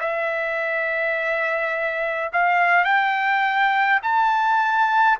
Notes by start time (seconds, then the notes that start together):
0.00 E5
2.33 F5
2.84 G5
4.03 A5